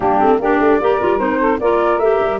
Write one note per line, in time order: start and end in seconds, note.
0.00 0.19 G3
0.00 0.19 A#3
0.00 0.39 D4
0.00 0.38 G4
0.19 0.38 A3
0.19 0.39 C4
0.38 0.58 A#3
0.38 0.81 D4
0.38 0.79 G4
0.38 1.19 D5
0.59 0.79 A3
0.81 1.01 A#3
0.81 1.00 G4
0.81 1.40 A#4
1.00 1.20 G3
1.00 1.19 F4
1.19 1.60 C4
1.19 1.59 D#4
1.19 1.59 C5
1.40 1.60 A4
1.59 1.98 A#3
1.59 2.01 F4
1.59 2.40 A#4
1.59 1.99 D5
1.98 2.18 A3
1.98 2.40 G4
1.98 2.39 E5
2.20 2.40 G3